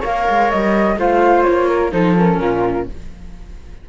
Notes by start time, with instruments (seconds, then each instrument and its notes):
0.00 cello A#3, viola A#4, flute C#5 F5
0.29 cello G#3
0.50 cello G3, flute D#5
0.96 cello A3, viola F4, flute C5 F5
1.42 flute C#5
1.49 cello A#3
1.68 flute A#4
1.91 cello F3, viola D#4, flute A4 C5
2.17 viola C#4, flute A#4
2.38 cello A#2, flute F4